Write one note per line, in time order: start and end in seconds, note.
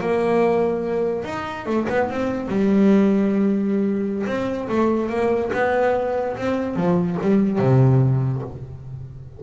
0.00 1.24 A#3
1.24 1.66 D#4
1.66 1.87 A3
1.89 2.10 B3
2.10 2.48 C4
2.48 4.25 G3
4.26 4.68 C4
4.69 5.09 A3
5.09 5.50 A#3
5.53 6.36 B3
6.36 6.76 C4
6.76 7.17 F3
7.21 7.59 G3
7.59 8.42 C3